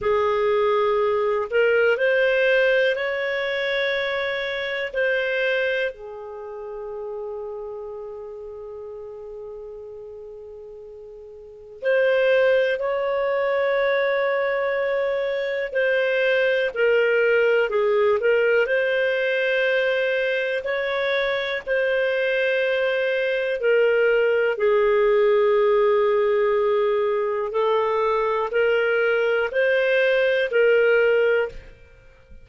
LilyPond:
\new Staff \with { instrumentName = "clarinet" } { \time 4/4 \tempo 4 = 61 gis'4. ais'8 c''4 cis''4~ | cis''4 c''4 gis'2~ | gis'1 | c''4 cis''2. |
c''4 ais'4 gis'8 ais'8 c''4~ | c''4 cis''4 c''2 | ais'4 gis'2. | a'4 ais'4 c''4 ais'4 | }